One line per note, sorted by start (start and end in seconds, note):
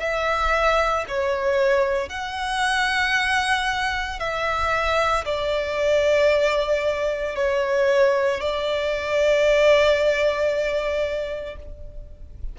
0.00 1.05 E5
1.08 2.09 C#5
2.09 4.20 F#5
4.20 5.25 E5
5.25 7.35 D5
7.35 8.41 C#5
8.41 11.56 D5